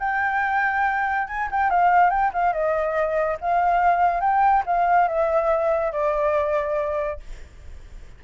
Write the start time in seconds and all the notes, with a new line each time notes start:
0.00 G5
1.28 G#5
1.51 G5
1.70 F5
2.10 G5
2.33 F5
2.53 D#5
3.41 F5
4.21 G5
4.66 F5
5.08 E5
5.92 D5